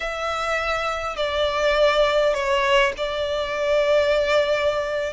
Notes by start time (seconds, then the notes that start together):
0.00 E5
1.16 D5
2.33 C#5
2.97 D5